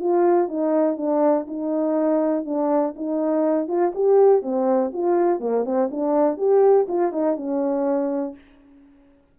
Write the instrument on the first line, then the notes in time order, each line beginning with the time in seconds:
horn
0.00 F4
0.49 D#4
0.97 D4
1.48 D#4
2.45 D4
2.96 D#4
3.68 F4
3.95 G4
4.43 C4
4.93 F4
5.40 A#3
5.65 C4
5.91 D4
6.38 G4
6.88 F4
7.12 D#4
7.37 C#4